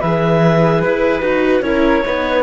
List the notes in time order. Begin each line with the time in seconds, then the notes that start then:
0.00 E3 G#4 B4 E5
0.83 E4 B4
1.21 D#4 F#4
1.61 C#4 E4 A#4 C#5
2.06 B3 D#4 B4